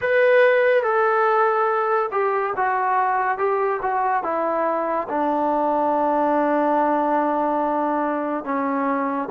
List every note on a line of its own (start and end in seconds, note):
0.01 0.83 B4
0.83 2.09 A4
2.11 2.54 G4
2.56 3.38 F#4
3.38 3.80 G4
3.82 4.23 F#4
4.23 5.07 E4
5.08 8.44 D4
8.44 9.28 C#4